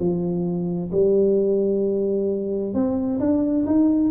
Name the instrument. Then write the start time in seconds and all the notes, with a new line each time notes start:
tuba
0.00 F3
0.92 G3
2.74 C4
3.20 D4
3.67 D#4